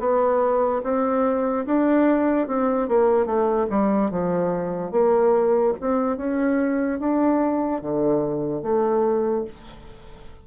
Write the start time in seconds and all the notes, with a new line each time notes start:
0.00 B3
0.84 C4
1.66 D4
2.48 C4
2.88 A#3
3.26 A3
3.70 G3
4.11 F3
4.92 A#3
5.81 C4
6.18 C#4
7.00 D4
7.82 D3
8.63 A3